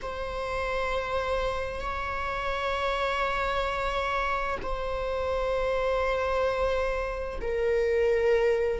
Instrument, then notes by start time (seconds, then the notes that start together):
viola
0.02 C5
1.80 C#5
4.62 C5
7.41 A#4